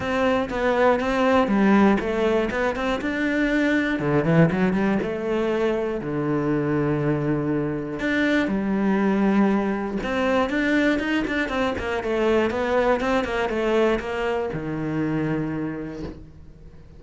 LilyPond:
\new Staff \with { instrumentName = "cello" } { \time 4/4 \tempo 4 = 120 c'4 b4 c'4 g4 | a4 b8 c'8 d'2 | d8 e8 fis8 g8 a2 | d1 |
d'4 g2. | c'4 d'4 dis'8 d'8 c'8 ais8 | a4 b4 c'8 ais8 a4 | ais4 dis2. | }